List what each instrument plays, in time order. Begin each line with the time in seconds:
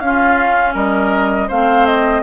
0.00 bassoon C#4, clarinet C#4, oboe F4, flute F5
0.74 bassoon G3, oboe A#4, flute D#5
1.48 bassoon A3, clarinet C4, oboe C5, flute F5
1.86 flute D#5